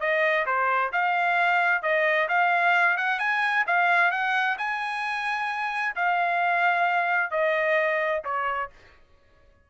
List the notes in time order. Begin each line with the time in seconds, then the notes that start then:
0.00 D#5
0.46 C5
0.93 F5
1.82 D#5
2.29 F5
2.98 F#5
3.19 G#5
3.67 F5
4.11 F#5
4.58 G#5
5.96 F5
7.31 D#5
8.24 C#5